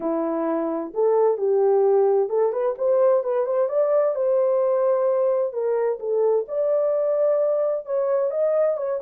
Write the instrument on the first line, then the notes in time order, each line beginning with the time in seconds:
horn
0.00 E4
0.94 A4
1.37 G4
2.29 A4
2.52 B4
2.78 C5
3.23 B4
3.46 C5
3.69 D5
4.15 C5
5.52 A#4
5.99 A4
6.47 D5
7.85 C#5
8.31 D#5
8.77 C#5